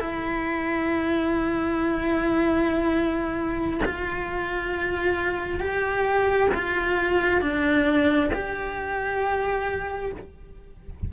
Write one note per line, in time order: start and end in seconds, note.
0.00 3.81 E4
3.85 5.60 F4
5.60 6.50 G4
6.54 7.41 F4
7.41 8.31 D4
8.33 10.12 G4